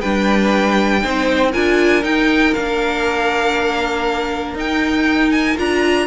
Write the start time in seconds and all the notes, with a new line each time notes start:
0.00 G3 D4 B4 G5
1.01 C4 D#4 C5
1.51 D4 F4 A#4 G#5
2.03 D#4 G5
2.54 A#3 D4 F5
4.54 D#4 G5
5.31 G#5
5.56 D4 F4 A#5